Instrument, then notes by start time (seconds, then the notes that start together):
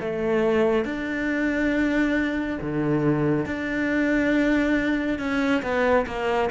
cello
0.00 A3
0.85 D4
2.61 D3
3.45 D4
5.18 C#4
5.62 B3
6.06 A#3